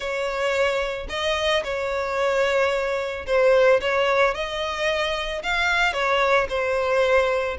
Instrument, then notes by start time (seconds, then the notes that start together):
violin
0.00 C#5
1.09 D#5
1.64 C#5
3.26 C5
3.80 C#5
4.34 D#5
5.42 F5
5.93 C#5
6.49 C5